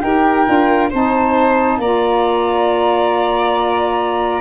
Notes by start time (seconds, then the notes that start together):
0.00 D#4 G4 A#4 G5
0.46 D4 F4
0.90 C4 D#4 C5 A5
1.78 A#3 F4 D5 A#5